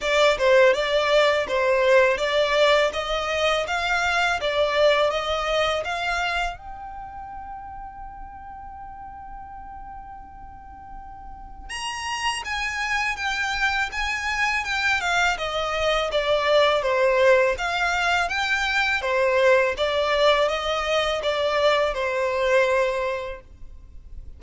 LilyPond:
\new Staff \with { instrumentName = "violin" } { \time 4/4 \tempo 4 = 82 d''8 c''8 d''4 c''4 d''4 | dis''4 f''4 d''4 dis''4 | f''4 g''2.~ | g''1 |
ais''4 gis''4 g''4 gis''4 | g''8 f''8 dis''4 d''4 c''4 | f''4 g''4 c''4 d''4 | dis''4 d''4 c''2 | }